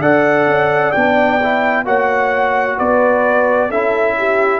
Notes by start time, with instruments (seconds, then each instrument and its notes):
0.00 tuba D4, trombone A4, horn D5, trumpet F#5
0.46 tuba C#4
0.92 tuba B3, trombone D4, trumpet G5
1.43 trombone E4
1.85 tuba A#3, trombone F#4, horn C#5, trumpet F#5
2.77 tuba B3, horn B4, trumpet D5
3.70 tuba C#4, trombone E4, horn A4, trumpet E5
4.18 horn G4